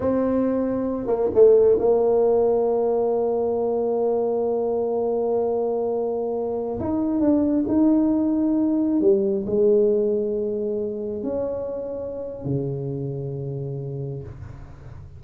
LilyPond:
\new Staff \with { instrumentName = "tuba" } { \time 4/4 \tempo 4 = 135 c'2~ c'8 ais8 a4 | ais1~ | ais1~ | ais2.~ ais16 dis'8.~ |
dis'16 d'4 dis'2~ dis'8.~ | dis'16 g4 gis2~ gis8.~ | gis4~ gis16 cis'2~ cis'8. | cis1 | }